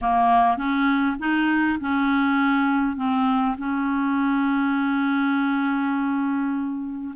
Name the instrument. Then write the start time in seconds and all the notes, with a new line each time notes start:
clarinet
0.01 A#3
0.57 C#4
1.19 D#4
1.80 C#4
2.96 C4
3.58 C#4